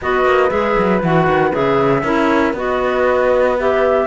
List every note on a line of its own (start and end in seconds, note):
0.01 0.25 B3
0.01 0.49 F#4
0.01 2.03 B4
0.01 0.50 D#5
0.25 0.50 A#3
0.49 0.76 G#3
0.49 1.00 G#4
0.49 1.01 E5
0.78 1.03 F#3
1.02 1.27 E3
1.02 1.51 F#4
1.02 1.53 F#5
1.27 1.52 D#3
1.51 2.03 C#3
1.51 2.02 G#4
1.51 2.55 E5
2.03 2.53 C#4
2.03 2.55 E4
2.03 2.53 A#4
2.53 4.05 B3
2.53 3.57 F#4
2.53 4.06 B4
2.53 3.58 D#5
3.57 4.07 G4
3.57 4.07 E5